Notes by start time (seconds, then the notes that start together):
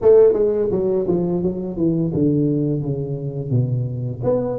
0.01 A3
0.33 G#3
0.71 F#3
1.07 F3
1.42 F#3
1.76 E3
2.13 D3
2.81 C#3
3.50 B2
4.23 B3